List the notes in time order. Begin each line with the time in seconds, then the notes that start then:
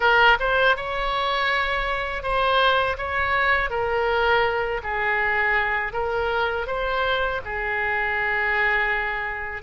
0.00 A#4
0.39 C5
0.76 C#5
2.22 C5
2.97 C#5
3.70 A#4
4.83 G#4
5.92 A#4
6.67 C5
7.44 G#4